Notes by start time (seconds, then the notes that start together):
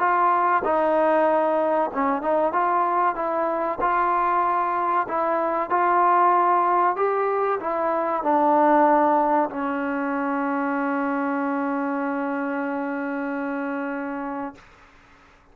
0.00 F4
0.65 D#4
1.94 C#4
2.22 D#4
2.53 F4
3.16 E4
3.81 F4
5.09 E4
5.70 F4
6.97 G4
7.61 E4
8.23 D4
9.50 C#4